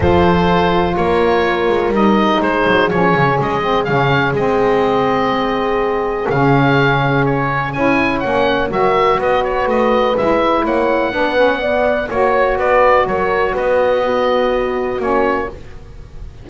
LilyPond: <<
  \new Staff \with { instrumentName = "oboe" } { \time 4/4 \tempo 4 = 124 c''2 cis''2 | dis''4 c''4 cis''4 dis''4 | f''4 dis''2.~ | dis''4 f''2 cis''4 |
gis''4 fis''4 e''4 dis''8 cis''8 | dis''4 e''4 fis''2~ | fis''4 cis''4 d''4 cis''4 | dis''2. cis''4 | }
  \new Staff \with { instrumentName = "horn" } { \time 4/4 a'2 ais'2~ | ais'4 gis'2.~ | gis'1~ | gis'1 |
cis''2 ais'4 b'4~ | b'2 cis''4 b'4 | d''4 cis''4 b'4 ais'4 | b'4 fis'2. | }
  \new Staff \with { instrumentName = "saxophone" } { \time 4/4 f'1 | dis'2 cis'4. c'8 | cis'4 c'2.~ | c'4 cis'2. |
e'4 cis'4 fis'2~ | fis'4 e'2 d'8 cis'8 | b4 fis'2.~ | fis'4 b2 cis'4 | }
  \new Staff \with { instrumentName = "double bass" } { \time 4/4 f2 ais4. gis8 | g4 gis8 fis8 f8 cis8 gis4 | cis4 gis2.~ | gis4 cis2. |
cis'4 ais4 fis4 b4 | a4 gis4 ais4 b4~ | b4 ais4 b4 fis4 | b2. ais4 | }
>>